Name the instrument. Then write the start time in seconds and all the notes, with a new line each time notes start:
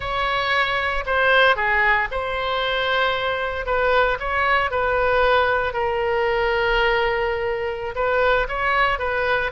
oboe
0.00 C#5
1.06 C5
1.56 G#4
2.11 C5
3.65 B4
4.19 C#5
4.70 B4
5.73 A#4
7.95 B4
8.48 C#5
8.99 B4